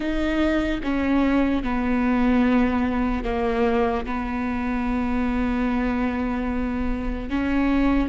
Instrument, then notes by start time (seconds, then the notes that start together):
viola
0.00 D#4
0.83 C#4
1.63 B3
3.24 A#3
4.05 B3
7.29 C#4